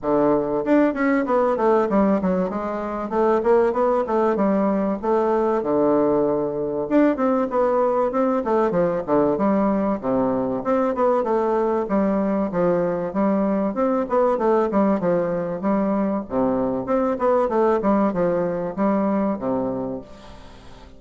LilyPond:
\new Staff \with { instrumentName = "bassoon" } { \time 4/4 \tempo 4 = 96 d4 d'8 cis'8 b8 a8 g8 fis8 | gis4 a8 ais8 b8 a8 g4 | a4 d2 d'8 c'8 | b4 c'8 a8 f8 d8 g4 |
c4 c'8 b8 a4 g4 | f4 g4 c'8 b8 a8 g8 | f4 g4 c4 c'8 b8 | a8 g8 f4 g4 c4 | }